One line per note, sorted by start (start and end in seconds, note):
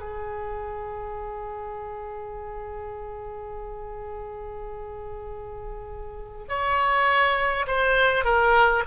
0.00 6.47 G#4
6.48 7.66 C#5
7.67 8.25 C5
8.25 8.83 A#4